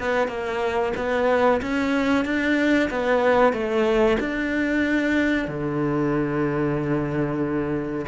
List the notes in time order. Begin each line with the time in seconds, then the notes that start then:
0.00 B3
0.28 A#3
0.97 B3
1.62 C#4
2.26 D4
2.91 B3
3.53 A3
4.20 D4
5.48 D3